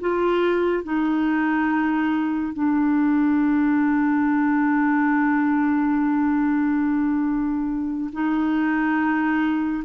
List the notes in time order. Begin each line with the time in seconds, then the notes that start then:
0.00 F4
0.83 D#4
2.53 D4
8.12 D#4